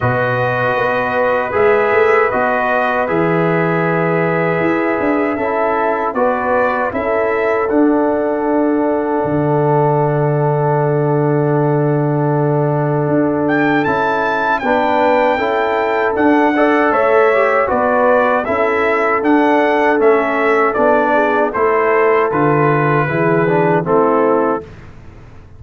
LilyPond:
<<
  \new Staff \with { instrumentName = "trumpet" } { \time 4/4 \tempo 4 = 78 dis''2 e''4 dis''4 | e''1 | d''4 e''4 fis''2~ | fis''1~ |
fis''4. g''8 a''4 g''4~ | g''4 fis''4 e''4 d''4 | e''4 fis''4 e''4 d''4 | c''4 b'2 a'4 | }
  \new Staff \with { instrumentName = "horn" } { \time 4/4 b'1~ | b'2. a'4 | b'4 a'2.~ | a'1~ |
a'2. b'4 | a'4. d''8 cis''4 b'4 | a'2.~ a'8 gis'8 | a'2 gis'4 e'4 | }
  \new Staff \with { instrumentName = "trombone" } { \time 4/4 fis'2 gis'4 fis'4 | gis'2. e'4 | fis'4 e'4 d'2~ | d'1~ |
d'2 e'4 d'4 | e'4 d'8 a'4 g'8 fis'4 | e'4 d'4 cis'4 d'4 | e'4 f'4 e'8 d'8 c'4 | }
  \new Staff \with { instrumentName = "tuba" } { \time 4/4 b,4 b4 gis8 a8 b4 | e2 e'8 d'8 cis'4 | b4 cis'4 d'2 | d1~ |
d4 d'4 cis'4 b4 | cis'4 d'4 a4 b4 | cis'4 d'4 a4 b4 | a4 d4 e4 a4 | }
>>